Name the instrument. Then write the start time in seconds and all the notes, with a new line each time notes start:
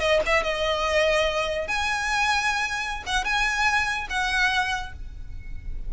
violin
0.00 D#5
0.26 E5
0.43 D#5
1.68 G#5
3.06 F#5
3.24 G#5
4.09 F#5